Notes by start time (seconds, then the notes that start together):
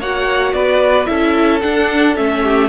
0.00 A#3 F#4 C#5 F#5
0.53 B3 B4 D5
1.06 C#4 E4 A4 E5
1.61 D4 F#5
2.16 A3 C#4 E5
2.43 G4